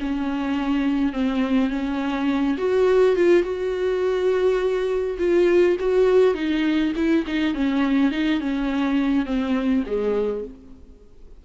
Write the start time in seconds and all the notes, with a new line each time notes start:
0.00 C#4
1.13 C4
1.70 C#4
2.58 F#4
3.16 F4
3.43 F#4
5.18 F4
5.79 F#4
6.34 D#4
6.96 E4
7.27 D#4
7.54 C#4
8.11 D#4
8.40 C#4
9.26 C4
9.86 G#3